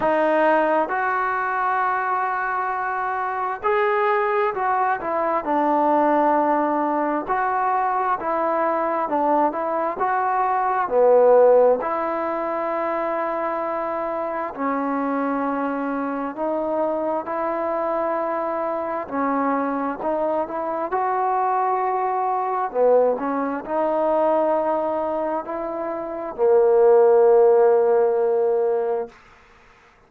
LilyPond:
\new Staff \with { instrumentName = "trombone" } { \time 4/4 \tempo 4 = 66 dis'4 fis'2. | gis'4 fis'8 e'8 d'2 | fis'4 e'4 d'8 e'8 fis'4 | b4 e'2. |
cis'2 dis'4 e'4~ | e'4 cis'4 dis'8 e'8 fis'4~ | fis'4 b8 cis'8 dis'2 | e'4 ais2. | }